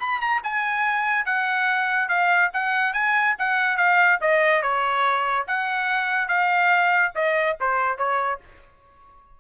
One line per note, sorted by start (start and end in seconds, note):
0.00 0.21 B5
0.21 0.42 A#5
0.43 1.25 G#5
1.25 2.09 F#5
2.09 2.51 F5
2.53 2.93 F#5
2.93 3.35 G#5
3.39 3.77 F#5
3.77 4.19 F5
4.21 4.62 D#5
4.62 5.46 C#5
5.47 6.28 F#5
6.28 7.12 F5
7.15 7.57 D#5
7.60 7.98 C5
7.98 8.40 C#5